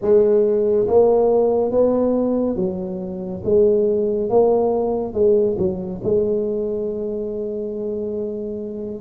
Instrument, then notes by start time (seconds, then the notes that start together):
tuba
0.01 G#3
0.87 A#3
1.71 B3
2.56 F#3
3.44 G#3
4.29 A#3
5.14 G#3
5.58 F#3
6.03 G#3